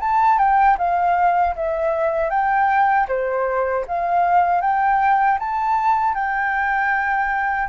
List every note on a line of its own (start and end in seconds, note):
0.00 0.38 A5
0.38 0.77 G5
0.78 1.55 F5
1.56 2.30 E5
2.30 3.07 G5
3.08 3.85 C5
3.87 4.61 F5
4.61 5.38 G5
5.39 6.14 A5
6.14 7.68 G5